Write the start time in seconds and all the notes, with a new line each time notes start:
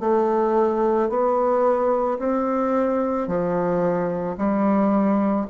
0.00 A3
1.09 B3
2.19 C4
3.27 F3
4.37 G3